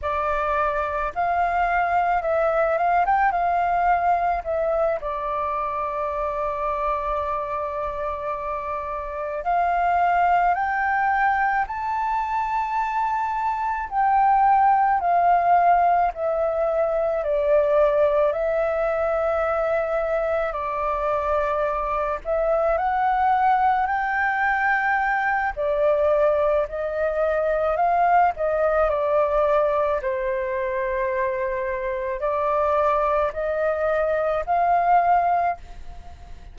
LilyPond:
\new Staff \with { instrumentName = "flute" } { \time 4/4 \tempo 4 = 54 d''4 f''4 e''8 f''16 g''16 f''4 | e''8 d''2.~ d''8~ | d''8 f''4 g''4 a''4.~ | a''8 g''4 f''4 e''4 d''8~ |
d''8 e''2 d''4. | e''8 fis''4 g''4. d''4 | dis''4 f''8 dis''8 d''4 c''4~ | c''4 d''4 dis''4 f''4 | }